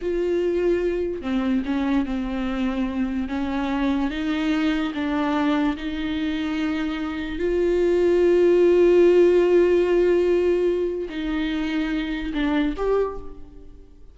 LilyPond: \new Staff \with { instrumentName = "viola" } { \time 4/4 \tempo 4 = 146 f'2. c'4 | cis'4 c'2. | cis'2 dis'2 | d'2 dis'2~ |
dis'2 f'2~ | f'1~ | f'2. dis'4~ | dis'2 d'4 g'4 | }